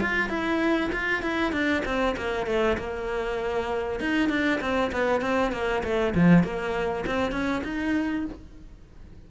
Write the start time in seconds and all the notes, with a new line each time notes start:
0.00 F4
0.29 E4
0.92 F4
1.22 E4
1.52 D4
1.85 C4
2.17 A#3
2.46 A3
2.77 A#3
4.00 D#4
4.29 D4
4.60 C4
4.92 B3
5.21 C4
5.52 A#3
5.83 A3
6.15 F3
6.43 A#3
7.06 C4
7.31 C#4
7.64 D#4